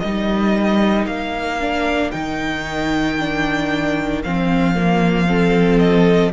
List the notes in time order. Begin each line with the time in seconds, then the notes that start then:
0.00 G3 D#4 A#4 D#5
1.07 A#3 F5
1.60 D4
2.11 D#3 D#4 G5
3.19 D4
4.23 F3 C4 F5
4.75 A#3
5.28 C4 A4
5.79 D#5